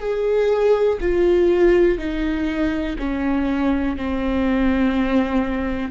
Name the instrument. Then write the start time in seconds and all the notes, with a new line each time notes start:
viola
0.00 G#4
1.01 F4
1.98 D#4
2.99 C#4
3.97 C4